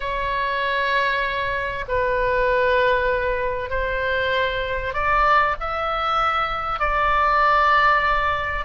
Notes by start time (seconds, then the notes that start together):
0.00 C#5
1.88 B4
3.70 C5
4.93 D5
5.60 E5
6.79 D5